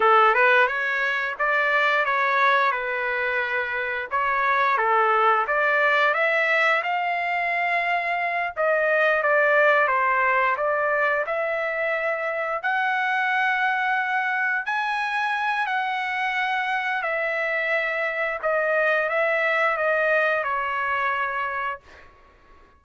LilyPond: \new Staff \with { instrumentName = "trumpet" } { \time 4/4 \tempo 4 = 88 a'8 b'8 cis''4 d''4 cis''4 | b'2 cis''4 a'4 | d''4 e''4 f''2~ | f''8 dis''4 d''4 c''4 d''8~ |
d''8 e''2 fis''4.~ | fis''4. gis''4. fis''4~ | fis''4 e''2 dis''4 | e''4 dis''4 cis''2 | }